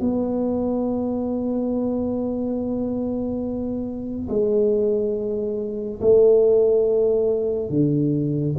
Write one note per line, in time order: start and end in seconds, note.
0.00 4.29 B3
4.29 6.00 G#3
6.01 7.69 A3
7.69 8.55 D3